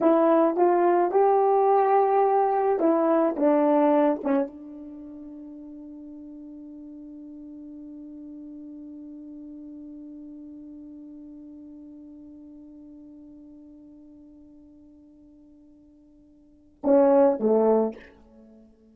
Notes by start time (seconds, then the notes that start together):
0.01 E4
0.56 F4
1.11 G4
2.79 E4
3.36 D4
4.23 C#4
4.47 D4
16.83 C#4
17.39 A3